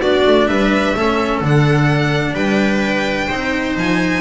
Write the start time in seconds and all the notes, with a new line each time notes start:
0.00 B3 D4 F#4 D5
0.26 A3
0.48 G3 B4 E5
0.96 A3 C#4 A4
1.41 D3 D4 F#5
2.34 G3 B4 G5
3.27 C4 D#4 C5
3.77 F3 G#5